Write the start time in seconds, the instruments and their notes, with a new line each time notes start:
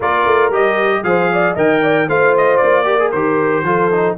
0.00 tuba A#3, trombone F4, horn A#4, trumpet D5
0.25 tuba A3
0.50 tuba G3, trombone G4, trumpet D#5
1.03 tuba F3, trombone G#4, horn C5, trumpet F5
1.32 horn D5
1.54 tuba D#3, trombone A#4, horn D#5, trumpet G5
1.81 horn D5
2.08 tuba A3, trombone F4, horn C5, trumpet F5
2.37 trumpet D#5
2.56 tuba A#3, trumpet D5
2.85 trombone G4, horn A#4
2.99 trombone G#4
3.11 tuba D#3, trombone G4, trumpet C5
3.62 tuba F3, trombone F4, horn A4
3.91 trombone D#4